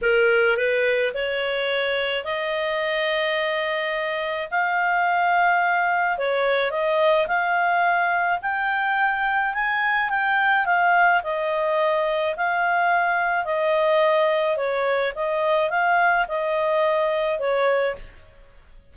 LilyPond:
\new Staff \with { instrumentName = "clarinet" } { \time 4/4 \tempo 4 = 107 ais'4 b'4 cis''2 | dis''1 | f''2. cis''4 | dis''4 f''2 g''4~ |
g''4 gis''4 g''4 f''4 | dis''2 f''2 | dis''2 cis''4 dis''4 | f''4 dis''2 cis''4 | }